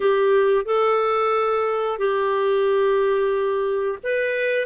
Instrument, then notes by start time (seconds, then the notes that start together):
clarinet
0.00 G4
0.65 A4
1.98 G4
4.03 B4